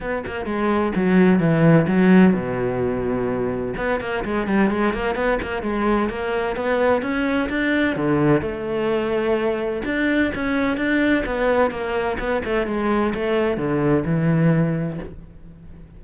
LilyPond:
\new Staff \with { instrumentName = "cello" } { \time 4/4 \tempo 4 = 128 b8 ais8 gis4 fis4 e4 | fis4 b,2. | b8 ais8 gis8 g8 gis8 ais8 b8 ais8 | gis4 ais4 b4 cis'4 |
d'4 d4 a2~ | a4 d'4 cis'4 d'4 | b4 ais4 b8 a8 gis4 | a4 d4 e2 | }